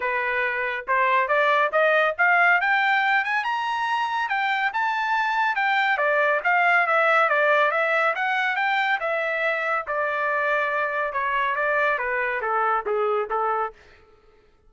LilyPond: \new Staff \with { instrumentName = "trumpet" } { \time 4/4 \tempo 4 = 140 b'2 c''4 d''4 | dis''4 f''4 g''4. gis''8 | ais''2 g''4 a''4~ | a''4 g''4 d''4 f''4 |
e''4 d''4 e''4 fis''4 | g''4 e''2 d''4~ | d''2 cis''4 d''4 | b'4 a'4 gis'4 a'4 | }